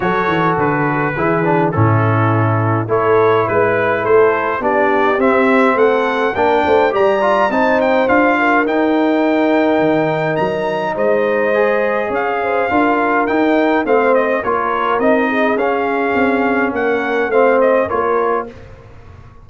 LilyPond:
<<
  \new Staff \with { instrumentName = "trumpet" } { \time 4/4 \tempo 4 = 104 cis''4 b'2 a'4~ | a'4 cis''4 b'4 c''4 | d''4 e''4 fis''4 g''4 | ais''4 a''8 g''8 f''4 g''4~ |
g''2 ais''4 dis''4~ | dis''4 f''2 g''4 | f''8 dis''8 cis''4 dis''4 f''4~ | f''4 fis''4 f''8 dis''8 cis''4 | }
  \new Staff \with { instrumentName = "horn" } { \time 4/4 a'2 gis'4 e'4~ | e'4 a'4 b'4 a'4 | g'2 a'4 ais'8 c''8 | d''4 c''4. ais'4.~ |
ais'2. c''4~ | c''4 cis''8 c''8 ais'2 | c''4 ais'4. gis'4.~ | gis'4 ais'4 c''4 ais'4 | }
  \new Staff \with { instrumentName = "trombone" } { \time 4/4 fis'2 e'8 d'8 cis'4~ | cis'4 e'2. | d'4 c'2 d'4 | g'8 f'8 dis'4 f'4 dis'4~ |
dis'1 | gis'2 f'4 dis'4 | c'4 f'4 dis'4 cis'4~ | cis'2 c'4 f'4 | }
  \new Staff \with { instrumentName = "tuba" } { \time 4/4 fis8 e8 d4 e4 a,4~ | a,4 a4 gis4 a4 | b4 c'4 a4 ais8 a8 | g4 c'4 d'4 dis'4~ |
dis'4 dis4 fis4 gis4~ | gis4 cis'4 d'4 dis'4 | a4 ais4 c'4 cis'4 | c'4 ais4 a4 ais4 | }
>>